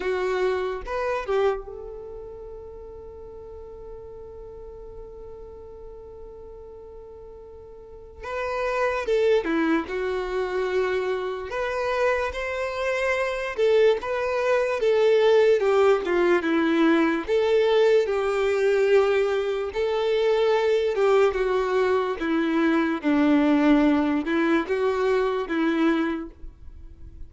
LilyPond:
\new Staff \with { instrumentName = "violin" } { \time 4/4 \tempo 4 = 73 fis'4 b'8 g'8 a'2~ | a'1~ | a'2 b'4 a'8 e'8 | fis'2 b'4 c''4~ |
c''8 a'8 b'4 a'4 g'8 f'8 | e'4 a'4 g'2 | a'4. g'8 fis'4 e'4 | d'4. e'8 fis'4 e'4 | }